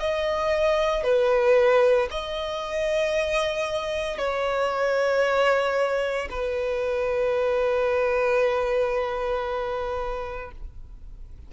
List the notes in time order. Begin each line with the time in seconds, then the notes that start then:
0.00 D#5
1.04 B4
2.11 D#5
4.18 C#5
6.31 B4